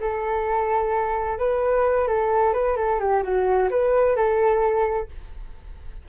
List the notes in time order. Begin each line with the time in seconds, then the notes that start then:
0.00 A4
1.39 B4
2.08 A4
2.54 B4
2.77 A4
3.00 G4
3.23 F#4
3.70 B4
4.16 A4